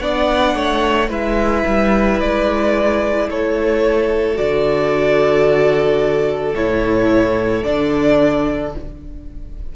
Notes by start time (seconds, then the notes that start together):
0.00 B3 D4 D5 F#5
0.55 A3 C#5
1.08 G#3 E4 B4 E5
1.66 G3
2.20 G#3 D5
3.29 A3 A4 C#5
4.35 D3 F#4 D5
6.54 A2 E4 C#5
7.63 D3 D4 D5